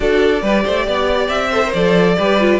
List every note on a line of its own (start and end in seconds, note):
0.00 0.42 D4
0.00 0.41 F#4
0.00 0.42 A4
0.00 1.28 D5
0.42 0.64 G3
0.42 1.52 G4
0.42 0.64 B4
0.64 0.88 A3
0.64 0.86 C5
0.87 1.28 B3
0.87 1.49 D5
1.28 1.71 C4
1.28 1.72 E5
1.49 1.63 A4
1.49 2.14 C5
1.66 1.75 A#4
1.73 2.17 F3
1.73 2.17 A4
1.73 2.59 D5
2.17 2.59 G3
2.17 2.39 G4
2.17 2.59 B4
2.39 2.59 F4